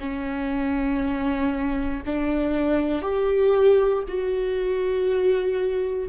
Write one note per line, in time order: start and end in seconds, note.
0.00 2.03 C#4
2.06 3.02 D4
3.02 4.04 G4
4.08 6.09 F#4